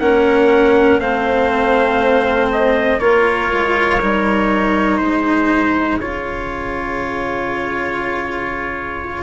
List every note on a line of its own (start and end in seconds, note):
0.00 1.00 A#3
0.00 1.01 C#4
0.00 1.01 A#4
0.00 1.00 F#5
1.00 3.00 A3
1.00 3.00 C4
1.00 3.01 C5
1.00 2.50 F5
2.52 3.00 D#5
3.00 3.50 A#3
3.00 4.00 F4
3.00 5.01 A#4
3.00 4.98 C#5
3.52 4.02 G#3
4.01 5.01 G3
4.01 6.01 D#4
4.98 5.99 G#3
4.98 9.24 G#4
4.98 5.98 C5
5.99 9.24 C#3
5.99 9.24 F4
5.99 9.24 C#5